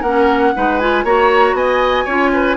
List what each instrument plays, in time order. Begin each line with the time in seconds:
0.00 bassoon A#3, clarinet C#4, oboe A#4, flute F#5
0.54 bassoon G#3, clarinet D#4, oboe B4
0.78 clarinet F4, flute G#5
1.03 bassoon A#3, clarinet F#4, oboe C#5, flute A#5
1.53 bassoon B3, oboe D#5, flute G#5
2.04 bassoon C#4, clarinet F4, oboe C#5
2.33 oboe B4